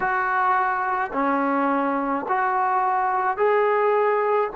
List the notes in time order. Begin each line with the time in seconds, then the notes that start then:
0.00 F#4
1.12 C#4
2.28 F#4
3.37 G#4